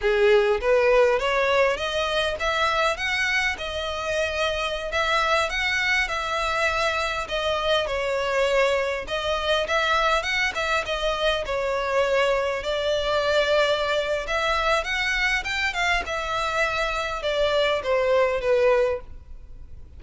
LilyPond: \new Staff \with { instrumentName = "violin" } { \time 4/4 \tempo 4 = 101 gis'4 b'4 cis''4 dis''4 | e''4 fis''4 dis''2~ | dis''16 e''4 fis''4 e''4.~ e''16~ | e''16 dis''4 cis''2 dis''8.~ |
dis''16 e''4 fis''8 e''8 dis''4 cis''8.~ | cis''4~ cis''16 d''2~ d''8. | e''4 fis''4 g''8 f''8 e''4~ | e''4 d''4 c''4 b'4 | }